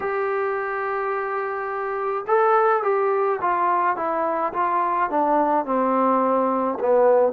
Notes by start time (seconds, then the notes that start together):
0.00 G4
2.27 A4
2.83 G4
3.41 F4
3.96 E4
4.53 F4
5.10 D4
5.65 C4
6.79 B3